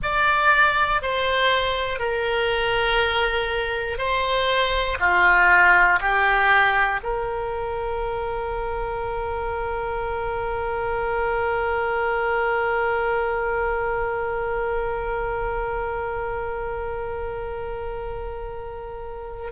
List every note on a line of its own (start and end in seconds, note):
0.02 1.01 D5
1.01 1.99 C5
1.99 3.98 A#4
3.98 4.98 C5
5.00 6.00 F4
6.00 7.00 G4
7.03 19.52 A#4